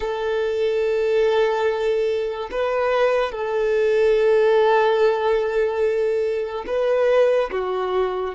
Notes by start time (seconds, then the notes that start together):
0.00 A4
2.51 B4
3.31 A4
6.67 B4
7.51 F#4